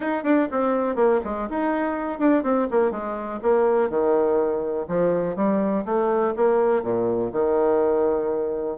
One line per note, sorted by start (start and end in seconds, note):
0.00 0.23 D#4
0.23 0.47 D4
0.51 0.95 C4
0.95 1.20 A#3
1.24 1.48 G#3
1.49 2.19 D#4
2.19 2.43 D4
2.43 2.67 C4
2.70 2.91 A#3
2.91 3.40 G#3
3.42 3.89 A#3
3.89 4.86 D#3
4.88 5.35 F3
5.35 5.84 G3
5.85 6.34 A3
6.36 6.82 A#3
6.82 7.31 A#2
7.32 8.77 D#3